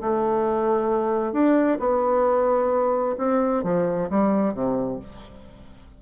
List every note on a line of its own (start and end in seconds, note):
0.00 1.32 A3
1.32 1.78 D4
1.79 3.15 B3
3.18 3.63 C4
3.63 4.09 F3
4.09 4.53 G3
4.53 4.99 C3